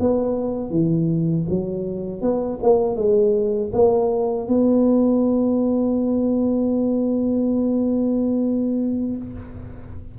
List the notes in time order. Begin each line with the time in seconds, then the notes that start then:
0.00 B3
0.70 E3
1.49 F#3
2.22 B3
2.63 A#3
2.96 G#3
3.73 A#3
4.48 B3